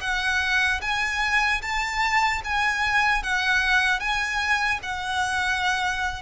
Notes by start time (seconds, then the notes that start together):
0.00 F#5
0.81 G#5
1.61 A5
2.44 G#5
3.23 F#5
3.99 G#5
4.83 F#5